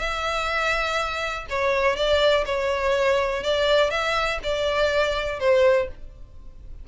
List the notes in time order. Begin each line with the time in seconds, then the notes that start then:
0.00 E5
1.50 C#5
1.96 D5
2.46 C#5
3.44 D5
3.91 E5
4.44 D5
5.40 C5